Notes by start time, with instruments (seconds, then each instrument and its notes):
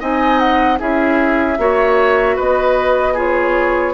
0.00 bassoon C4, clarinet D#4, oboe D#5, flute G#5
0.39 flute F#5
0.79 bassoon C#4, clarinet E4, oboe G#4, flute E5
1.58 bassoon A#3, clarinet F#4, oboe C#5
2.36 bassoon B3, oboe B4, flute D#5
3.14 clarinet F4, oboe G#4, flute C#5